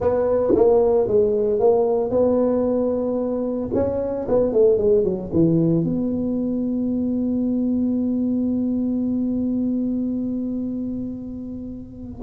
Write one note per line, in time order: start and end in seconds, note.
0.00 0.54 B3
0.55 1.07 A#3
1.07 1.59 G#3
1.59 2.10 A#3
2.10 3.70 B3
3.74 4.27 C#4
4.28 4.52 B3
4.52 4.78 A3
4.78 5.04 G#3
5.04 5.30 F#3
5.32 5.83 E3
5.83 12.21 B3